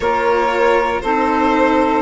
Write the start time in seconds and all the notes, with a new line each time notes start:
0.00 A#3 F4 A#4 C#5
1.01 C4 D#4 A4 C5